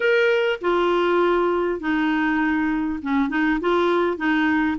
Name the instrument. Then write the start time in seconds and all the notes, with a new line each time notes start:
clarinet
0.00 A#4
0.61 F4
1.80 D#4
3.02 C#4
3.29 D#4
3.60 F4
4.17 D#4